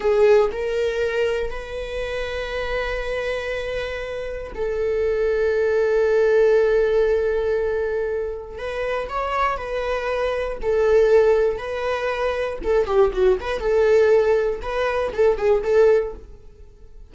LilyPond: \new Staff \with { instrumentName = "viola" } { \time 4/4 \tempo 4 = 119 gis'4 ais'2 b'4~ | b'1~ | b'4 a'2.~ | a'1~ |
a'4 b'4 cis''4 b'4~ | b'4 a'2 b'4~ | b'4 a'8 g'8 fis'8 b'8 a'4~ | a'4 b'4 a'8 gis'8 a'4 | }